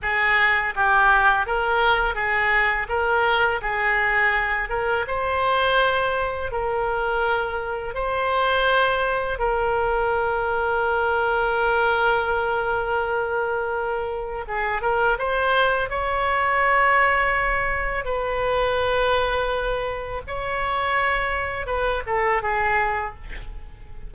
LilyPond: \new Staff \with { instrumentName = "oboe" } { \time 4/4 \tempo 4 = 83 gis'4 g'4 ais'4 gis'4 | ais'4 gis'4. ais'8 c''4~ | c''4 ais'2 c''4~ | c''4 ais'2.~ |
ais'1 | gis'8 ais'8 c''4 cis''2~ | cis''4 b'2. | cis''2 b'8 a'8 gis'4 | }